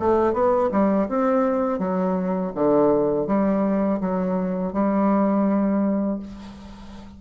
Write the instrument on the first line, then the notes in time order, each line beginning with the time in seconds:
bassoon
0.00 A3
0.34 B3
0.72 G3
1.09 C4
1.79 F#3
2.55 D3
3.27 G3
4.01 F#3
4.73 G3